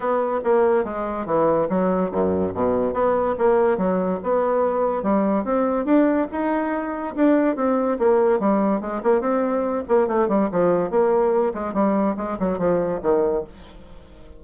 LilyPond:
\new Staff \with { instrumentName = "bassoon" } { \time 4/4 \tempo 4 = 143 b4 ais4 gis4 e4 | fis4 fis,4 b,4 b4 | ais4 fis4 b2 | g4 c'4 d'4 dis'4~ |
dis'4 d'4 c'4 ais4 | g4 gis8 ais8 c'4. ais8 | a8 g8 f4 ais4. gis8 | g4 gis8 fis8 f4 dis4 | }